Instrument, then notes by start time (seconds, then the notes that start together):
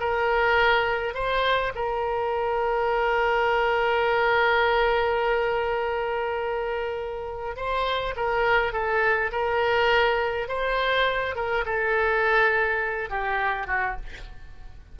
oboe
0.00 A#4
1.15 C5
1.75 A#4
7.57 C5
8.16 A#4
8.73 A4
9.32 A#4
10.49 C5
11.36 A#4
11.66 A4
13.10 G4
13.67 F#4